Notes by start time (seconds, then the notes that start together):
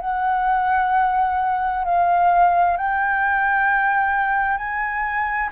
0.00 F#5
1.84 F5
2.77 G5
4.57 G#5